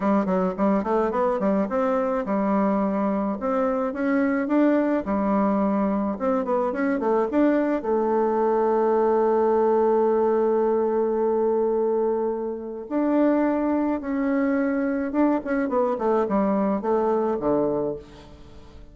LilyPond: \new Staff \with { instrumentName = "bassoon" } { \time 4/4 \tempo 4 = 107 g8 fis8 g8 a8 b8 g8 c'4 | g2 c'4 cis'4 | d'4 g2 c'8 b8 | cis'8 a8 d'4 a2~ |
a1~ | a2. d'4~ | d'4 cis'2 d'8 cis'8 | b8 a8 g4 a4 d4 | }